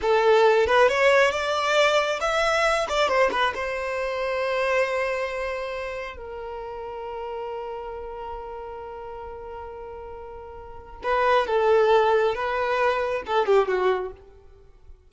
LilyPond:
\new Staff \with { instrumentName = "violin" } { \time 4/4 \tempo 4 = 136 a'4. b'8 cis''4 d''4~ | d''4 e''4. d''8 c''8 b'8 | c''1~ | c''2 ais'2~ |
ais'1~ | ais'1~ | ais'4 b'4 a'2 | b'2 a'8 g'8 fis'4 | }